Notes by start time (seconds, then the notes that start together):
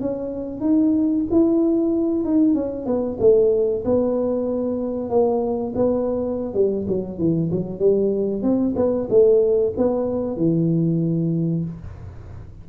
0.00 C#4
0.60 D#4
1.31 E4
2.25 D#4
2.54 C#4
2.85 B3
3.20 A3
3.84 B3
5.09 A#3
5.75 B3
6.54 G3
6.87 F#3
7.18 E3
7.51 F#3
7.79 G3
8.42 C4
8.76 B3
9.09 A3
9.77 B3
10.36 E3